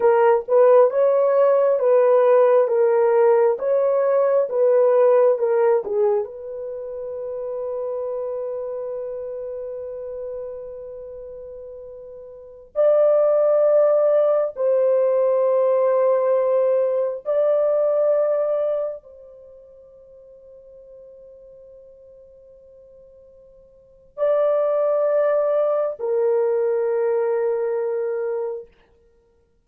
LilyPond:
\new Staff \with { instrumentName = "horn" } { \time 4/4 \tempo 4 = 67 ais'8 b'8 cis''4 b'4 ais'4 | cis''4 b'4 ais'8 gis'8 b'4~ | b'1~ | b'2~ b'16 d''4.~ d''16~ |
d''16 c''2. d''8.~ | d''4~ d''16 c''2~ c''8.~ | c''2. d''4~ | d''4 ais'2. | }